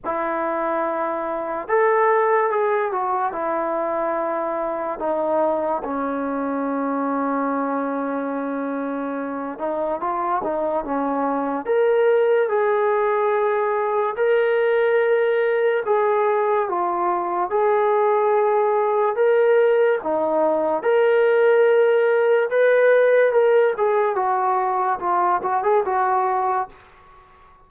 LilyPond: \new Staff \with { instrumentName = "trombone" } { \time 4/4 \tempo 4 = 72 e'2 a'4 gis'8 fis'8 | e'2 dis'4 cis'4~ | cis'2.~ cis'8 dis'8 | f'8 dis'8 cis'4 ais'4 gis'4~ |
gis'4 ais'2 gis'4 | f'4 gis'2 ais'4 | dis'4 ais'2 b'4 | ais'8 gis'8 fis'4 f'8 fis'16 gis'16 fis'4 | }